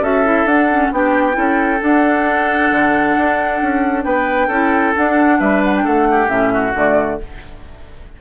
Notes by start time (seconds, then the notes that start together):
0.00 C#4 F#4 A4 E5
0.25 E4
0.45 D4 F#5
0.71 C#4
0.92 B3 D4 G4 G5
1.33 C#4 E4 A4
1.81 D4 F#5
2.71 D3
3.17 D4
3.62 C#4
4.04 B3 B4 G5
4.48 C#4 E4 A4
4.95 D4 F#5
5.40 G3 B4 E5
5.64 F#5
5.77 G5
5.84 A3 A4 F#5
6.11 G4
6.27 A2 C#4 E5
6.53 F#4
6.75 D3 A3 D5